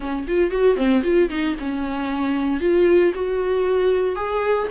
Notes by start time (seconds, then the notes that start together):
0.00 C#4
0.27 F4
0.51 F#4
0.76 C4
1.03 F4
1.29 D#4
1.59 C#4
2.60 F4
3.14 F#4
4.15 G#4